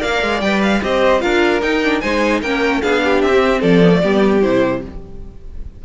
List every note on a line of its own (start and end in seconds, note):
0.00 0.23 A#3
0.00 0.40 A#4
0.00 0.80 D5
0.00 0.41 F5
0.23 0.42 G#3
0.41 0.82 G3
0.41 0.82 B4
0.41 0.61 G5
0.63 0.83 F5
0.82 1.23 C4
0.82 1.20 G4
0.82 1.23 C5
0.82 1.21 D#5
1.20 1.63 D4
1.20 1.60 F4
1.20 2.02 A#4
1.20 1.61 F5
1.62 2.03 D#4
1.62 1.83 D#4
1.62 2.01 G5
1.83 2.03 D4
2.01 2.42 G#3
2.01 2.44 D#4
2.01 2.42 C5
2.01 2.41 G#5
2.42 2.82 A#3
2.42 2.82 C#4
2.42 2.82 A#4
2.42 2.82 G5
2.82 3.23 B3
2.82 3.32 D4
2.82 3.02 G#4
2.82 3.22 F5
3.04 3.61 G4
3.22 3.63 C4
3.22 3.62 E5
3.34 3.83 C4
3.61 4.03 F3
3.61 4.01 A4
3.61 4.42 D5
3.83 3.92 B3
3.92 4.02 A3
4.02 4.45 G3
4.02 4.42 B3
4.02 4.83 G4
4.42 4.85 C3
4.42 4.82 E4
4.42 4.82 C5